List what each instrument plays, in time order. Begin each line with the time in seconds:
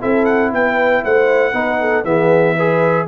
0.00 tuba C4, trombone E4, horn A4, trumpet E5
0.25 trumpet F#5
0.52 tuba B3, horn B4, trumpet G5
1.04 tuba A3, horn C5, trumpet F#5
1.52 tuba B3, trombone D#4, horn B4
1.80 horn A4
2.04 tuba E3, trombone B3, horn G#4, trumpet E5
2.55 trombone G#4, horn B4